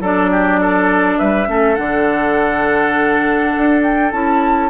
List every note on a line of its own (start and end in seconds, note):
0.00 1.18 F#3
0.00 1.46 D4
0.00 0.30 A4
0.00 1.18 D5
0.31 0.60 G4
0.61 1.18 A4
1.18 1.48 G3
1.18 1.48 B4
1.18 1.75 E5
1.46 1.78 A3
1.46 1.75 C#4
1.46 4.69 A4
1.75 3.55 D3
1.75 4.11 D4
1.75 3.81 F#5
3.57 4.12 D4
3.82 4.11 G5
4.12 4.69 C#4
4.12 4.69 E4
4.12 4.69 A5